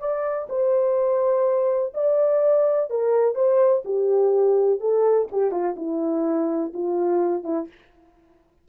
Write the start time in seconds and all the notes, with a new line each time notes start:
0.00 D5
0.49 C5
1.94 D5
2.90 A#4
3.35 C5
3.85 G4
4.80 A4
5.32 G4
5.51 F4
5.76 E4
6.74 F4
7.44 E4